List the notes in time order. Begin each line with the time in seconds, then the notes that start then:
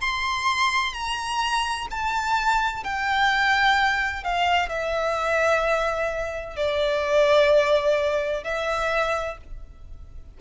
0.00 C6
0.93 A#5
1.90 A5
2.83 G5
4.24 F5
4.68 E5
6.56 D5
8.43 E5